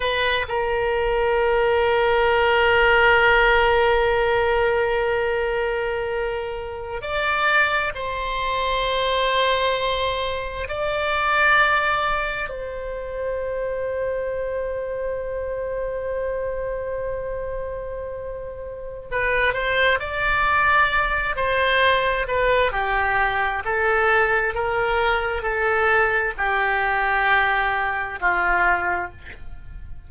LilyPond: \new Staff \with { instrumentName = "oboe" } { \time 4/4 \tempo 4 = 66 b'8 ais'2.~ ais'8~ | ais'2.~ ais'8. d''16~ | d''8. c''2. d''16~ | d''4.~ d''16 c''2~ c''16~ |
c''1~ | c''4 b'8 c''8 d''4. c''8~ | c''8 b'8 g'4 a'4 ais'4 | a'4 g'2 f'4 | }